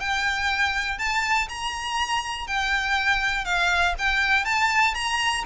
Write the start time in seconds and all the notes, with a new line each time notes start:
0.00 G5
0.98 A5
1.49 A#5
2.47 G5
3.45 F5
3.98 G5
4.45 A5
4.94 A#5